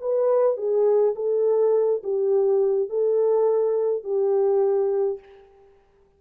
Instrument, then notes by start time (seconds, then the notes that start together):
horn
0.00 B4
0.57 G#4
1.15 A4
2.03 G4
2.89 A4
4.04 G4